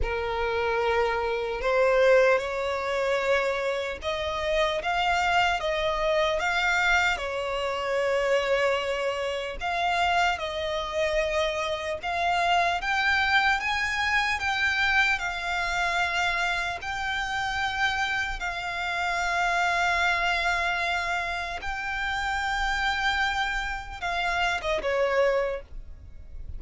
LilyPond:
\new Staff \with { instrumentName = "violin" } { \time 4/4 \tempo 4 = 75 ais'2 c''4 cis''4~ | cis''4 dis''4 f''4 dis''4 | f''4 cis''2. | f''4 dis''2 f''4 |
g''4 gis''4 g''4 f''4~ | f''4 g''2 f''4~ | f''2. g''4~ | g''2 f''8. dis''16 cis''4 | }